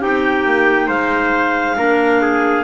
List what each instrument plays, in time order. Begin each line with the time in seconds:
0.00 double bass C4, clarinet D#4 G5, trumpet G4
0.45 double bass A#3
0.87 double bass G#3, trumpet C5, clarinet F5
1.77 double bass A#3, clarinet D4, trumpet A#4
2.21 trumpet G#4